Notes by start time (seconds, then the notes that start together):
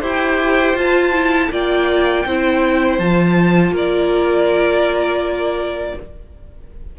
0.00 E4 G4 C5
0.07 G5
0.75 F4 A5
1.13 E4
1.51 A#3 F4 D5 G5
2.26 C4 E4 C5
2.99 F3 F4 A5
3.71 A#3 A#4 D5